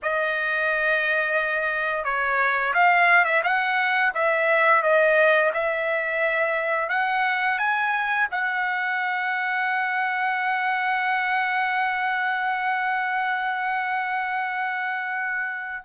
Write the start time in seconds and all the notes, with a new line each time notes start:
0.02 D#5
2.04 C#5
2.73 F5
3.24 E5
3.43 F#5
4.14 E5
4.82 D#5
5.53 E5
6.89 F#5
7.58 G#5
8.31 F#5